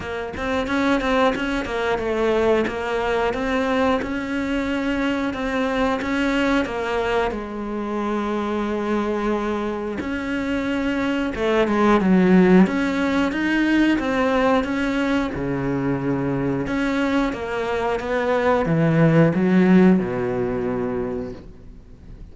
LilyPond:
\new Staff \with { instrumentName = "cello" } { \time 4/4 \tempo 4 = 90 ais8 c'8 cis'8 c'8 cis'8 ais8 a4 | ais4 c'4 cis'2 | c'4 cis'4 ais4 gis4~ | gis2. cis'4~ |
cis'4 a8 gis8 fis4 cis'4 | dis'4 c'4 cis'4 cis4~ | cis4 cis'4 ais4 b4 | e4 fis4 b,2 | }